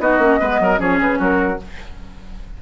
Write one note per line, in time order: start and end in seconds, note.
0.00 0.18 B3
0.00 0.19 D#4
0.00 0.39 F#4
0.00 0.80 D#5
0.18 0.38 A#3
0.18 0.39 C#4
0.39 0.60 G#3
0.39 0.77 B3
0.39 0.59 B4
0.60 0.80 F#3
0.60 0.79 A#4
0.77 1.00 F3
0.77 1.57 C#4
0.77 1.19 G#4
0.77 1.00 C#5
1.00 1.19 C#3
1.00 1.21 B4
1.19 1.59 F#3
1.19 1.59 F#4
1.19 1.62 A#4